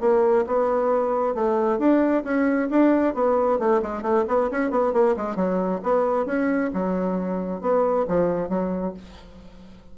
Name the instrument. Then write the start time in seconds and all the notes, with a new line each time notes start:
bassoon
0.00 A#3
0.46 B3
1.34 A3
1.78 D4
2.23 C#4
2.70 D4
3.14 B3
3.59 A3
3.82 G#3
4.02 A3
4.27 B3
4.51 C#4
4.70 B3
4.93 A#3
5.16 G#3
5.35 F#3
5.82 B3
6.26 C#4
6.73 F#3
7.61 B3
8.07 F3
8.49 F#3